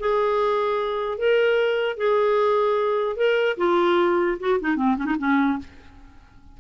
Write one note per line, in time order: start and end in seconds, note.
0.00 1.18 G#4
1.18 1.97 A#4
1.97 3.17 G#4
3.17 3.57 A#4
3.58 4.38 F4
4.40 4.60 F#4
4.61 4.77 D#4
4.77 4.97 C4
4.97 5.06 C#4
5.06 5.16 D#4
5.19 5.59 C#4